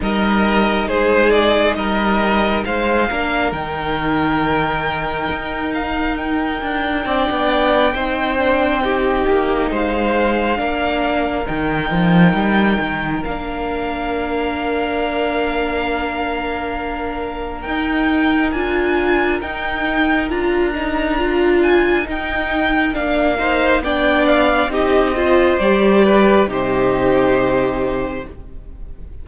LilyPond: <<
  \new Staff \with { instrumentName = "violin" } { \time 4/4 \tempo 4 = 68 dis''4 c''8 d''8 dis''4 f''4 | g''2~ g''8 f''8 g''4~ | g''2. f''4~ | f''4 g''2 f''4~ |
f''1 | g''4 gis''4 g''4 ais''4~ | ais''8 gis''8 g''4 f''4 g''8 f''8 | dis''4 d''4 c''2 | }
  \new Staff \with { instrumentName = "violin" } { \time 4/4 ais'4 gis'4 ais'4 c''8 ais'8~ | ais'1 | d''4 c''4 g'4 c''4 | ais'1~ |
ais'1~ | ais'1~ | ais'2~ ais'8 c''8 d''4 | g'8 c''4 b'8 g'2 | }
  \new Staff \with { instrumentName = "viola" } { \time 4/4 dis'2.~ dis'8 d'8 | dis'1 | d'4 dis'8 d'8 dis'2 | d'4 dis'2 d'4~ |
d'1 | dis'4 f'4 dis'4 f'8 dis'8 | f'4 dis'4 d'8 dis'8 d'4 | dis'8 f'8 g'4 dis'2 | }
  \new Staff \with { instrumentName = "cello" } { \time 4/4 g4 gis4 g4 gis8 ais8 | dis2 dis'4. d'8 | c'16 b8. c'4. ais8 gis4 | ais4 dis8 f8 g8 dis8 ais4~ |
ais1 | dis'4 d'4 dis'4 d'4~ | d'4 dis'4 ais4 b4 | c'4 g4 c2 | }
>>